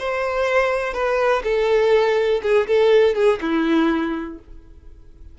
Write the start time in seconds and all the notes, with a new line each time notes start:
0.00 C5
0.94 B4
1.44 A4
2.43 G#4
2.68 A4
3.15 G#4
3.42 E4